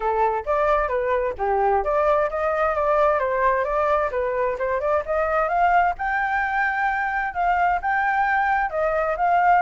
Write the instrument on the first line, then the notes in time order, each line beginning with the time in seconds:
flute
0.00 A4
0.45 D5
0.88 B4
1.38 G4
1.83 D5
2.30 D#5
2.75 D5
3.19 C5
3.64 D5
4.11 B4
4.58 C5
4.80 D5
5.05 D#5
5.48 F5
5.98 G5
7.33 F5
7.81 G5
8.70 D#5
9.16 F5